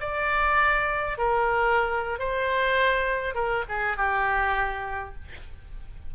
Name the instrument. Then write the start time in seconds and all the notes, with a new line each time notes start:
oboe
0.00 D5
1.18 A#4
2.19 C5
3.34 A#4
3.68 G#4
3.97 G4